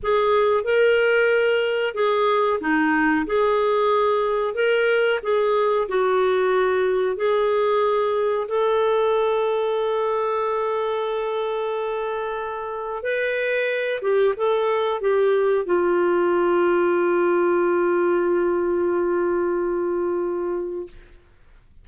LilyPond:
\new Staff \with { instrumentName = "clarinet" } { \time 4/4 \tempo 4 = 92 gis'4 ais'2 gis'4 | dis'4 gis'2 ais'4 | gis'4 fis'2 gis'4~ | gis'4 a'2.~ |
a'1 | b'4. g'8 a'4 g'4 | f'1~ | f'1 | }